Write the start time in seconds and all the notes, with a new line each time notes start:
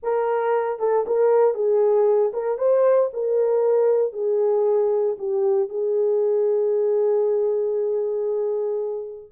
0.03 A#4
0.79 A4
1.06 A#4
1.54 G#4
2.33 A#4
2.58 C5
3.13 A#4
4.12 G#4
5.18 G4
5.69 G#4